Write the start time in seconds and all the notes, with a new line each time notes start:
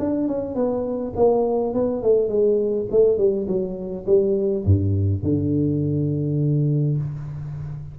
0.00 D4
0.28 C#4
0.55 B3
1.16 A#3
1.74 B3
2.03 A3
2.29 G#3
2.92 A3
3.18 G3
3.48 F#3
4.07 G3
4.65 G2
5.23 D3